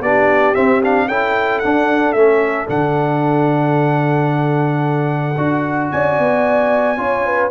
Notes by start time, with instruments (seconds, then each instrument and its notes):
0.00 tuba B3, trombone D4, horn G4, trumpet D5
0.54 trombone C4, tuba C4, trumpet E5
0.82 trombone D4, trumpet F5
1.08 tuba C#4, trombone E4, horn A4, trumpet G5
1.59 trombone D4, tuba D4, trumpet F#5
2.12 tuba A3, trombone C#4, trumpet E5
2.67 tuba D3, trombone D4, trumpet F#5
5.37 tuba D4, trombone F#4
5.91 tuba C#4, horn D5, trumpet G#5
6.18 tuba B3
6.97 tuba C#4, trombone F4, horn C#5
7.26 horn B4